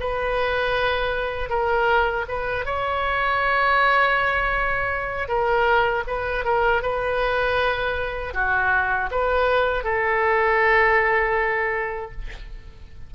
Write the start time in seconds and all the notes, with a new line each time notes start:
0.00 B4
1.49 A#4
2.28 B4
2.65 C#5
5.28 A#4
6.07 B4
6.45 A#4
6.82 B4
8.34 F#4
9.11 B4
9.84 A4